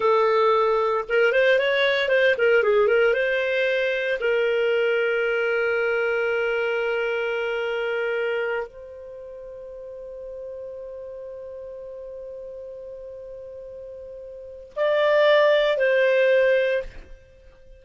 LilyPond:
\new Staff \with { instrumentName = "clarinet" } { \time 4/4 \tempo 4 = 114 a'2 ais'8 c''8 cis''4 | c''8 ais'8 gis'8 ais'8 c''2 | ais'1~ | ais'1~ |
ais'8 c''2.~ c''8~ | c''1~ | c''1 | d''2 c''2 | }